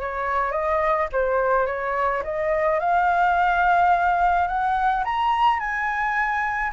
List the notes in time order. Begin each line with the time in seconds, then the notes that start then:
0.00 C#5
0.52 D#5
1.12 C5
1.67 C#5
2.24 D#5
2.80 F5
4.48 F#5
5.04 A#5
5.60 G#5